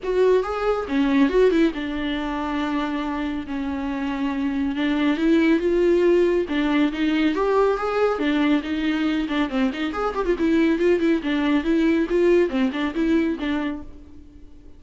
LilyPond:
\new Staff \with { instrumentName = "viola" } { \time 4/4 \tempo 4 = 139 fis'4 gis'4 cis'4 fis'8 e'8 | d'1 | cis'2. d'4 | e'4 f'2 d'4 |
dis'4 g'4 gis'4 d'4 | dis'4. d'8 c'8 dis'8 gis'8 g'16 f'16 | e'4 f'8 e'8 d'4 e'4 | f'4 c'8 d'8 e'4 d'4 | }